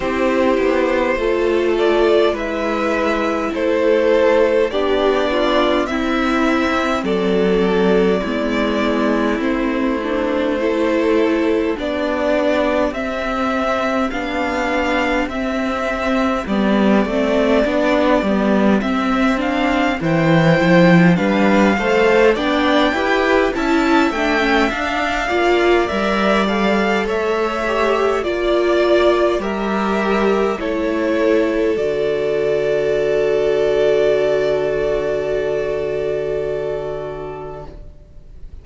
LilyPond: <<
  \new Staff \with { instrumentName = "violin" } { \time 4/4 \tempo 4 = 51 c''4. d''8 e''4 c''4 | d''4 e''4 d''2 | c''2 d''4 e''4 | f''4 e''4 d''2 |
e''8 f''8 g''4 f''4 g''4 | a''8 g''8 f''4 e''8 f''8 e''4 | d''4 e''4 cis''4 d''4~ | d''1 | }
  \new Staff \with { instrumentName = "violin" } { \time 4/4 g'4 a'4 b'4 a'4 | g'8 f'8 e'4 a'4 e'4~ | e'4 a'4 g'2~ | g'1~ |
g'4 c''4 b'8 c''8 d''8 b'8 | e''4. d''4. cis''4 | d''4 ais'4 a'2~ | a'1 | }
  \new Staff \with { instrumentName = "viola" } { \time 4/4 e'4 f'4 e'2 | d'4 c'2 b4 | c'8 d'8 e'4 d'4 c'4 | d'4 c'4 b8 c'8 d'8 b8 |
c'8 d'8 e'4 d'8 a'8 d'8 g'8 | e'8 d'16 cis'16 d'8 f'8 ais'8 a'4 g'8 | f'4 g'4 e'4 fis'4~ | fis'1 | }
  \new Staff \with { instrumentName = "cello" } { \time 4/4 c'8 b8 a4 gis4 a4 | b4 c'4 fis4 gis4 | a2 b4 c'4 | b4 c'4 g8 a8 b8 g8 |
c'4 e8 f8 g8 a8 b8 e'8 | cis'8 a8 d'8 ais8 g4 a4 | ais4 g4 a4 d4~ | d1 | }
>>